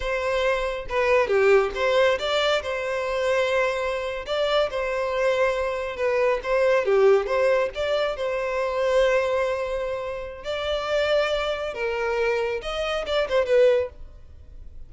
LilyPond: \new Staff \with { instrumentName = "violin" } { \time 4/4 \tempo 4 = 138 c''2 b'4 g'4 | c''4 d''4 c''2~ | c''4.~ c''16 d''4 c''4~ c''16~ | c''4.~ c''16 b'4 c''4 g'16~ |
g'8. c''4 d''4 c''4~ c''16~ | c''1 | d''2. ais'4~ | ais'4 dis''4 d''8 c''8 b'4 | }